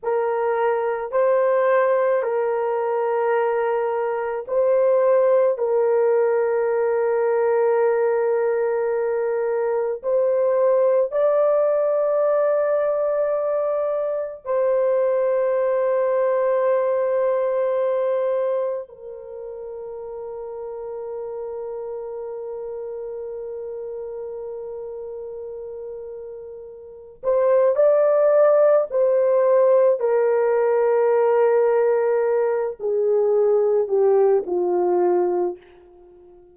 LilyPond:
\new Staff \with { instrumentName = "horn" } { \time 4/4 \tempo 4 = 54 ais'4 c''4 ais'2 | c''4 ais'2.~ | ais'4 c''4 d''2~ | d''4 c''2.~ |
c''4 ais'2.~ | ais'1~ | ais'8 c''8 d''4 c''4 ais'4~ | ais'4. gis'4 g'8 f'4 | }